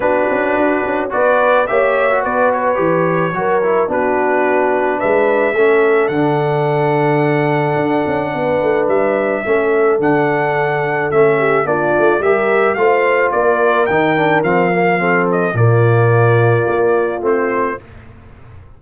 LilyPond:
<<
  \new Staff \with { instrumentName = "trumpet" } { \time 4/4 \tempo 4 = 108 b'2 d''4 e''4 | d''8 cis''2~ cis''8 b'4~ | b'4 e''2 fis''4~ | fis''1 |
e''2 fis''2 | e''4 d''4 e''4 f''4 | d''4 g''4 f''4. dis''8 | d''2. c''4 | }
  \new Staff \with { instrumentName = "horn" } { \time 4/4 fis'2 b'4 cis''4 | b'2 ais'4 fis'4~ | fis'4 b'4 a'2~ | a'2. b'4~ |
b'4 a'2.~ | a'8 g'8 f'4 ais'4 c''4 | ais'2. a'4 | f'1 | }
  \new Staff \with { instrumentName = "trombone" } { \time 4/4 d'2 fis'4 g'8. fis'16~ | fis'4 g'4 fis'8 e'8 d'4~ | d'2 cis'4 d'4~ | d'1~ |
d'4 cis'4 d'2 | cis'4 d'4 g'4 f'4~ | f'4 dis'8 d'8 c'8 ais8 c'4 | ais2. c'4 | }
  \new Staff \with { instrumentName = "tuba" } { \time 4/4 b8 cis'8 d'8 cis'8 b4 ais4 | b4 e4 fis4 b4~ | b4 gis4 a4 d4~ | d2 d'8 cis'8 b8 a8 |
g4 a4 d2 | a4 ais8 a8 g4 a4 | ais4 dis4 f2 | ais,2 ais4 a4 | }
>>